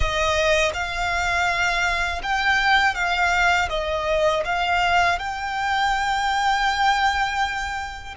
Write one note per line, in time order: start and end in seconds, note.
0.00 0.71 D#5
0.73 2.21 F5
2.22 2.95 G5
2.95 3.68 F5
3.69 4.43 D#5
4.44 5.18 F5
5.18 8.14 G5